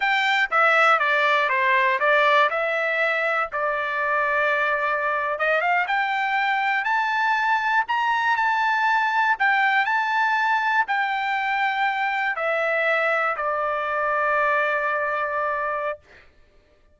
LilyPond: \new Staff \with { instrumentName = "trumpet" } { \time 4/4 \tempo 4 = 120 g''4 e''4 d''4 c''4 | d''4 e''2 d''4~ | d''2~ d''8. dis''8 f''8 g''16~ | g''4.~ g''16 a''2 ais''16~ |
ais''8. a''2 g''4 a''16~ | a''4.~ a''16 g''2~ g''16~ | g''8. e''2 d''4~ d''16~ | d''1 | }